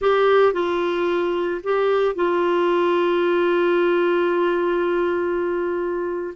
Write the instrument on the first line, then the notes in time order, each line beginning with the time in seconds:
clarinet
0.01 G4
0.53 F4
1.63 G4
2.15 F4